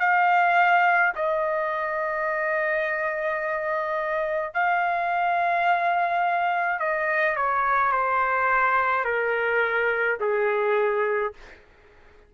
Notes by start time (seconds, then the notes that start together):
0.00 F5
1.15 D#5
4.54 F5
6.79 D#5
7.36 C#5
7.92 C5
9.05 A#4
10.20 G#4